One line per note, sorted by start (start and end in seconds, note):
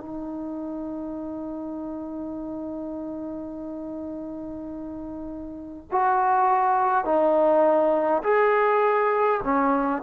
0.00 5.88 D#4
5.91 7.04 F#4
7.04 8.22 D#4
8.23 9.41 G#4
9.43 10.02 C#4